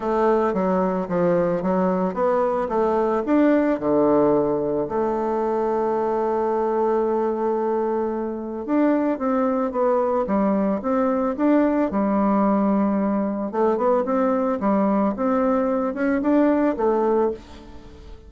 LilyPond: \new Staff \with { instrumentName = "bassoon" } { \time 4/4 \tempo 4 = 111 a4 fis4 f4 fis4 | b4 a4 d'4 d4~ | d4 a2.~ | a1 |
d'4 c'4 b4 g4 | c'4 d'4 g2~ | g4 a8 b8 c'4 g4 | c'4. cis'8 d'4 a4 | }